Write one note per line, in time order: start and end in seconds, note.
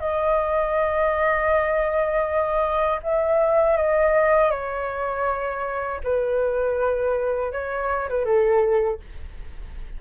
0.00 3.00 D#5
3.03 3.77 E5
3.77 4.51 D#5
4.51 6.01 C#5
6.04 7.53 B4
7.53 8.09 C#5
8.09 8.25 B4
8.25 9.00 A4